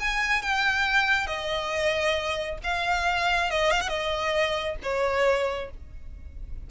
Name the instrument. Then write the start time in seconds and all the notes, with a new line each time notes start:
violin
0.00 G#5
0.42 G5
1.27 D#5
2.64 F5
3.51 D#5
3.71 F5
3.81 F#5
3.89 D#5
4.83 C#5